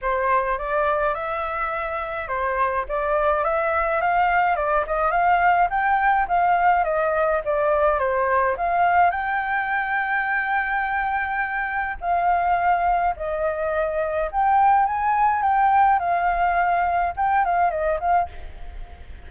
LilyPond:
\new Staff \with { instrumentName = "flute" } { \time 4/4 \tempo 4 = 105 c''4 d''4 e''2 | c''4 d''4 e''4 f''4 | d''8 dis''8 f''4 g''4 f''4 | dis''4 d''4 c''4 f''4 |
g''1~ | g''4 f''2 dis''4~ | dis''4 g''4 gis''4 g''4 | f''2 g''8 f''8 dis''8 f''8 | }